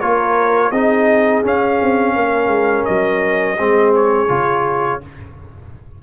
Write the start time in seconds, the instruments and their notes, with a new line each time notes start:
0.00 tuba A#3, trombone F4, horn A#4, trumpet C#5
0.71 tuba C4, trombone D#4, horn G#4, trumpet D#5
1.43 trombone C#4, tuba C#4, trumpet F5
1.82 tuba C4
2.15 tuba A#3, horn A#4
2.47 tuba G#3
2.85 tuba F#3, trumpet D#5
3.59 tuba G#3, trombone C4, horn G#4
3.95 trumpet C#5
4.29 tuba C#3, trombone F4